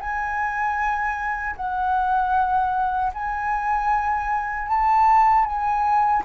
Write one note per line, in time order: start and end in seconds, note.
0.00 1.56 G#5
1.56 3.12 F#5
3.13 4.68 G#5
4.68 5.45 A5
5.45 6.23 G#5